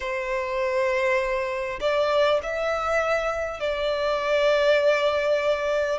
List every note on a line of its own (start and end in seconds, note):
0.00 1.79 C5
1.80 2.40 D5
2.43 3.60 E5
3.60 5.99 D5